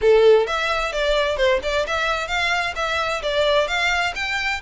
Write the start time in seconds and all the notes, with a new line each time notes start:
0.01 A4
0.46 E5
0.92 D5
1.37 C5
1.63 D5
1.86 E5
2.27 F5
2.75 E5
3.22 D5
3.67 F5
4.15 G5